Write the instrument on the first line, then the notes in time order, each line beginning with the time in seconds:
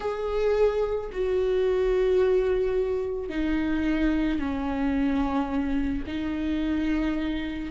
viola
0.00 G#4
1.12 F#4
3.29 D#4
4.39 C#4
6.07 D#4